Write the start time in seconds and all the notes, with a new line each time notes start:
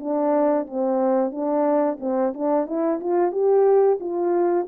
0.00 D4
0.67 C4
1.32 D4
2.00 C4
2.34 D4
2.67 E4
3.00 F4
3.32 G4
4.01 F4